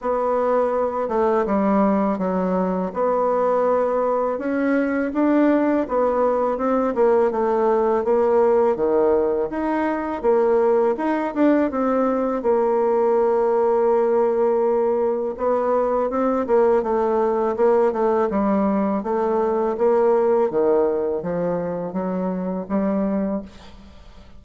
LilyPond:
\new Staff \with { instrumentName = "bassoon" } { \time 4/4 \tempo 4 = 82 b4. a8 g4 fis4 | b2 cis'4 d'4 | b4 c'8 ais8 a4 ais4 | dis4 dis'4 ais4 dis'8 d'8 |
c'4 ais2.~ | ais4 b4 c'8 ais8 a4 | ais8 a8 g4 a4 ais4 | dis4 f4 fis4 g4 | }